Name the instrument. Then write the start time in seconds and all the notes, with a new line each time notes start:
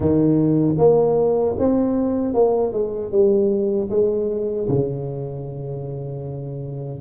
tuba
0.00 D#3
0.78 A#3
1.58 C4
2.33 A#3
2.72 G#3
3.11 G3
3.90 G#3
4.68 C#3